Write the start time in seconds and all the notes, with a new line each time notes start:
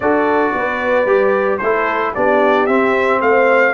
0.00 D4 F#4 A4 D5
0.54 B3 B4
1.05 G3 G4
1.58 A3 A4 C5
1.64 E4
2.14 B3 D4 G4 D5
2.66 C4 E5
3.20 A3 C5 F5